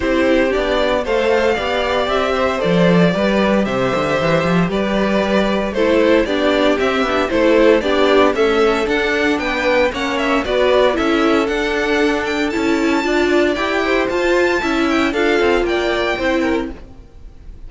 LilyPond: <<
  \new Staff \with { instrumentName = "violin" } { \time 4/4 \tempo 4 = 115 c''4 d''4 f''2 | e''4 d''2 e''4~ | e''4 d''2 c''4 | d''4 e''4 c''4 d''4 |
e''4 fis''4 g''4 fis''8 e''8 | d''4 e''4 fis''4. g''8 | a''2 g''4 a''4~ | a''8 g''8 f''4 g''2 | }
  \new Staff \with { instrumentName = "violin" } { \time 4/4 g'2 c''4 d''4~ | d''8 c''4. b'4 c''4~ | c''4 b'2 a'4 | g'2 a'4 g'4 |
a'2 b'4 cis''4 | b'4 a'2.~ | a'4 d''4. c''4. | e''4 a'4 d''4 c''8 ais'8 | }
  \new Staff \with { instrumentName = "viola" } { \time 4/4 e'4 d'4 a'4 g'4~ | g'4 a'4 g'2~ | g'2. e'4 | d'4 c'8 d'8 e'4 d'4 |
a4 d'2 cis'4 | fis'4 e'4 d'2 | e'4 f'4 g'4 f'4 | e'4 f'2 e'4 | }
  \new Staff \with { instrumentName = "cello" } { \time 4/4 c'4 b4 a4 b4 | c'4 f4 g4 c8 d8 | e8 f8 g2 a4 | b4 c'8 b8 a4 b4 |
cis'4 d'4 b4 ais4 | b4 cis'4 d'2 | cis'4 d'4 e'4 f'4 | cis'4 d'8 c'8 ais4 c'4 | }
>>